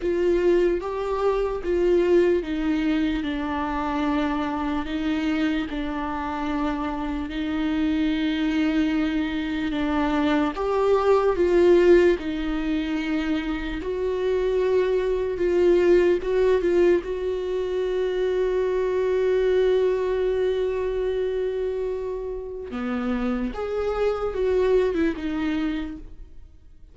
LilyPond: \new Staff \with { instrumentName = "viola" } { \time 4/4 \tempo 4 = 74 f'4 g'4 f'4 dis'4 | d'2 dis'4 d'4~ | d'4 dis'2. | d'4 g'4 f'4 dis'4~ |
dis'4 fis'2 f'4 | fis'8 f'8 fis'2.~ | fis'1 | b4 gis'4 fis'8. e'16 dis'4 | }